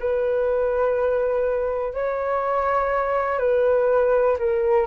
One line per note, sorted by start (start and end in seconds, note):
0.00 1.94 B4
1.94 3.39 C#5
3.39 4.38 B4
4.39 4.87 A#4